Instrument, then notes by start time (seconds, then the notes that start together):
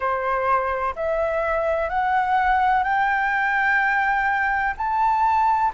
flute
0.00 C5
0.95 E5
1.89 F#5
2.83 G5
4.77 A5